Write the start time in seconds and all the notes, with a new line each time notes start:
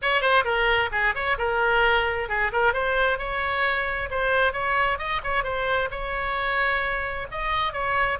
0.01 C#5
0.21 C5
0.44 A#4
0.91 G#4
1.14 C#5
1.38 A#4
2.29 G#4
2.52 A#4
2.73 C5
3.18 C#5
4.10 C5
4.52 C#5
4.98 D#5
5.23 C#5
5.43 C5
5.90 C#5
7.31 D#5
7.73 C#5